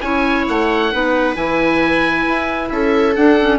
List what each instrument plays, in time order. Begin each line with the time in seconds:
0.00 bassoon C#4, clarinet E4, viola C#5, oboe G#5
0.48 bassoon A3, oboe F#5
0.91 bassoon B3, clarinet D#4, viola B4
1.35 bassoon E3, clarinet E4, oboe G#5
2.27 bassoon E4
2.69 bassoon C#4, viola A4, oboe E5
3.15 clarinet D4, bassoon D4, oboe F#5
3.40 clarinet C#4